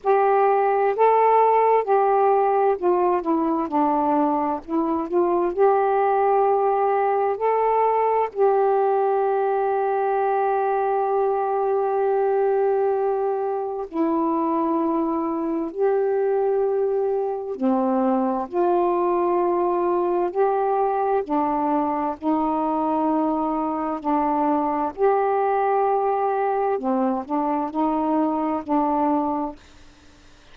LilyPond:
\new Staff \with { instrumentName = "saxophone" } { \time 4/4 \tempo 4 = 65 g'4 a'4 g'4 f'8 e'8 | d'4 e'8 f'8 g'2 | a'4 g'2.~ | g'2. e'4~ |
e'4 g'2 c'4 | f'2 g'4 d'4 | dis'2 d'4 g'4~ | g'4 c'8 d'8 dis'4 d'4 | }